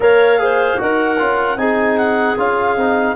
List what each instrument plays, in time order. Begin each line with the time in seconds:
0.00 tuba A#3, trombone A#4, clarinet C#5 F5
0.38 trombone G#4, clarinet C5
0.77 tuba D#4, trombone F#4, clarinet A#4 F#5
1.18 tuba C#4, trombone F4
1.56 tuba C4, trombone D#4, clarinet G#4 G#5
1.97 clarinet F#5
2.37 tuba C#4, trombone F4, clarinet F5
2.76 tuba C4, trombone D#4